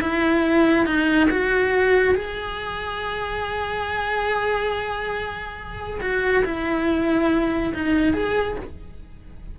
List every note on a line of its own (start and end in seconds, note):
0.00 0.86 E4
0.86 1.29 D#4
1.30 2.15 F#4
2.15 6.00 G#4
6.01 6.43 F#4
6.44 7.73 E4
7.74 8.13 D#4
8.13 8.56 G#4